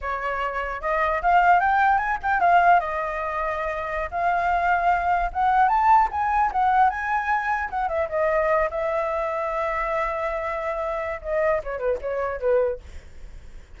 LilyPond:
\new Staff \with { instrumentName = "flute" } { \time 4/4 \tempo 4 = 150 cis''2 dis''4 f''4 | g''4 gis''8 g''8 f''4 dis''4~ | dis''2~ dis''16 f''4.~ f''16~ | f''4~ f''16 fis''4 a''4 gis''8.~ |
gis''16 fis''4 gis''2 fis''8 e''16~ | e''16 dis''4. e''2~ e''16~ | e''1 | dis''4 cis''8 b'8 cis''4 b'4 | }